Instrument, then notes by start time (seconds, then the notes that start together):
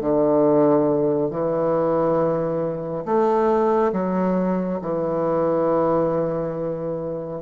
bassoon
0.00 D3
1.30 E3
3.05 A3
3.92 F#3
4.81 E3